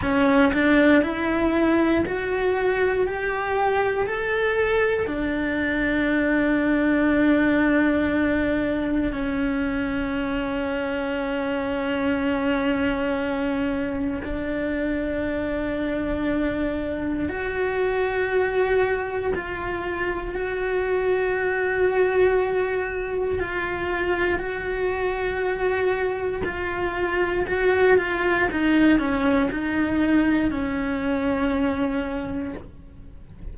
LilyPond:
\new Staff \with { instrumentName = "cello" } { \time 4/4 \tempo 4 = 59 cis'8 d'8 e'4 fis'4 g'4 | a'4 d'2.~ | d'4 cis'2.~ | cis'2 d'2~ |
d'4 fis'2 f'4 | fis'2. f'4 | fis'2 f'4 fis'8 f'8 | dis'8 cis'8 dis'4 cis'2 | }